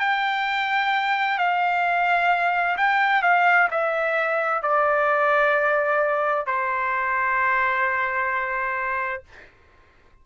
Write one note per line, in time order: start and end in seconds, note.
0.00 1.38 G5
1.38 2.77 F5
2.78 3.23 G5
3.23 3.69 F5
3.71 4.63 E5
4.63 6.47 D5
6.47 9.24 C5